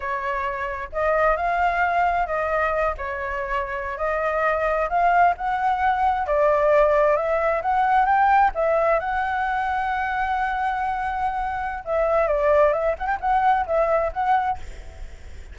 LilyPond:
\new Staff \with { instrumentName = "flute" } { \time 4/4 \tempo 4 = 132 cis''2 dis''4 f''4~ | f''4 dis''4. cis''4.~ | cis''8. dis''2 f''4 fis''16~ | fis''4.~ fis''16 d''2 e''16~ |
e''8. fis''4 g''4 e''4 fis''16~ | fis''1~ | fis''2 e''4 d''4 | e''8 fis''16 g''16 fis''4 e''4 fis''4 | }